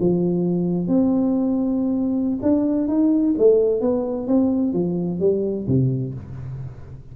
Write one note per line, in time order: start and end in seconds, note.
0.00 0.88 F3
0.88 2.39 C4
2.42 2.88 D4
2.88 3.35 D#4
3.38 3.81 A3
3.81 4.27 B3
4.27 4.73 C4
4.73 5.20 F3
5.20 5.67 G3
5.68 6.14 C3